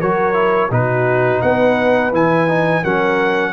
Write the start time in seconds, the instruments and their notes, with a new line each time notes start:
0.00 tuba F#3, trombone F#4, horn A#4, trumpet C#5
0.34 trombone E4
0.70 tuba B2, trombone D#4, horn F#4, trumpet B4
1.41 tuba B3, horn B4, trumpet F#5
2.12 tuba E3, trombone E4, trumpet G#5
2.48 trombone D#4
2.83 tuba F#3, trombone C#4, horn A#4, trumpet F#5